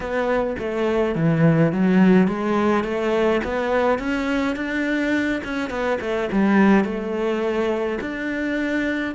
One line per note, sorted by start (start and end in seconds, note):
0.00 0.56 B3
0.58 1.15 A3
1.15 1.72 E3
1.72 2.27 F#3
2.27 2.84 G#3
2.84 3.41 A3
3.43 3.98 B3
3.98 4.56 C#4
4.56 5.41 D4
5.43 5.70 C#4
5.70 5.98 B3
6.00 6.29 A3
6.31 6.84 G3
6.84 7.98 A3
8.00 9.15 D4